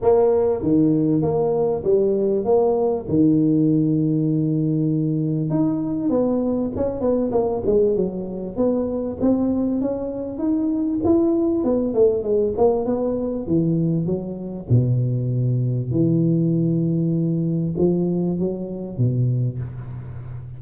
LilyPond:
\new Staff \with { instrumentName = "tuba" } { \time 4/4 \tempo 4 = 98 ais4 dis4 ais4 g4 | ais4 dis2.~ | dis4 dis'4 b4 cis'8 b8 | ais8 gis8 fis4 b4 c'4 |
cis'4 dis'4 e'4 b8 a8 | gis8 ais8 b4 e4 fis4 | b,2 e2~ | e4 f4 fis4 b,4 | }